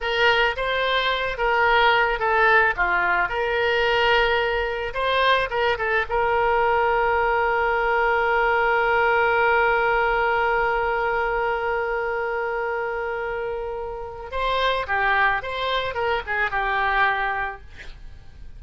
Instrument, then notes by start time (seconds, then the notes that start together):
oboe
0.01 A#4
0.56 C5
1.37 A#4
2.19 A4
2.76 F4
3.28 A#4
4.94 C5
5.50 A#4
5.77 A4
6.09 A#4
14.31 C5
14.87 G4
15.42 C5
15.94 A#4
16.26 G#4
16.51 G4